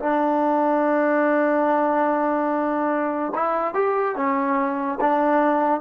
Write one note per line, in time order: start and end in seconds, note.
0.00 3.33 D4
3.35 3.75 E4
3.75 4.16 G4
4.16 4.99 C#4
5.01 5.81 D4